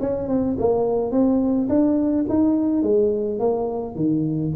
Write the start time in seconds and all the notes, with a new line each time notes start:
0.00 C#4
0.28 C4
0.58 A#3
1.11 C4
1.69 D4
2.29 D#4
2.83 G#3
3.39 A#3
3.95 D#3